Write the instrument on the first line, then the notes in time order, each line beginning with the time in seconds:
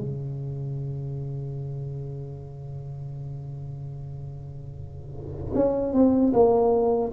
tuba
0.00 C#3
5.55 C#4
5.93 C4
6.33 A#3